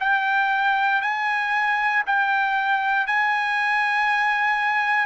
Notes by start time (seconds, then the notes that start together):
0.00 G5
1.02 G#5
2.06 G5
3.07 G#5